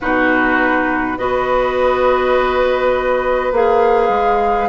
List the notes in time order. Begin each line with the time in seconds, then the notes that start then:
0.00 B2 D#4 F#4 B4
1.17 B3 F#4 B4 D#5
3.52 A#3 G#4 F5
4.08 G#3